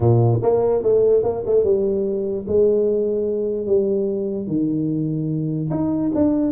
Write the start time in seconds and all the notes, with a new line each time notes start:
0.00 A#2
0.42 A#3
0.83 A3
1.23 A#3
1.45 A3
1.63 G3
2.47 G#3
3.66 G3
4.47 D#3
5.70 D#4
6.14 D4